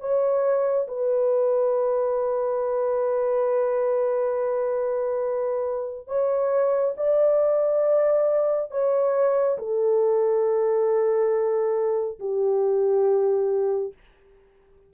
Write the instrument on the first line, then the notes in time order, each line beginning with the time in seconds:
horn
0.00 C#5
0.87 B4
6.07 C#5
6.96 D5
8.71 C#5
9.58 A4
12.19 G4